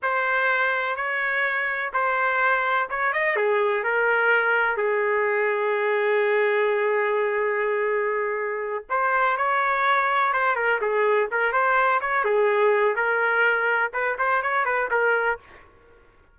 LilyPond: \new Staff \with { instrumentName = "trumpet" } { \time 4/4 \tempo 4 = 125 c''2 cis''2 | c''2 cis''8 dis''8 gis'4 | ais'2 gis'2~ | gis'1~ |
gis'2~ gis'8 c''4 cis''8~ | cis''4. c''8 ais'8 gis'4 ais'8 | c''4 cis''8 gis'4. ais'4~ | ais'4 b'8 c''8 cis''8 b'8 ais'4 | }